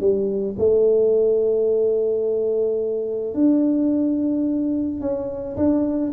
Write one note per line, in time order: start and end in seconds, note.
0.00 0.56 G3
0.58 3.34 A3
3.34 5.01 D4
5.01 5.56 C#4
5.56 6.12 D4